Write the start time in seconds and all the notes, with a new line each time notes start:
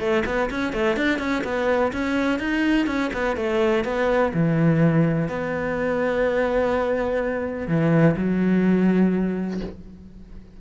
0.00 A3
0.26 B3
0.51 C#4
0.73 A3
0.97 D4
1.20 C#4
1.44 B3
1.93 C#4
2.40 D#4
2.87 C#4
3.14 B3
3.37 A3
3.85 B3
4.34 E3
5.29 B3
7.68 E3
8.17 F#3